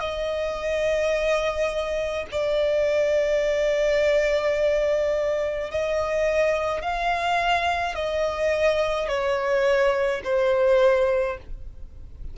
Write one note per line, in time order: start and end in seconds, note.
0.00 2.26 D#5
2.32 5.71 D5
5.71 6.82 D#5
6.82 7.95 F5
7.95 9.08 D#5
9.08 10.21 C#5
10.25 11.38 C5